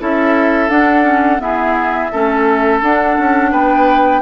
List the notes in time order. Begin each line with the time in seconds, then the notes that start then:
0.00 C#4 E4 A4 E5
0.70 D4 F#5
1.04 C#4
1.39 B3 E4 G#4 E5
2.12 A3 C#4 A4
2.82 D4 F#5
3.19 C#4
3.52 B3 B4 G5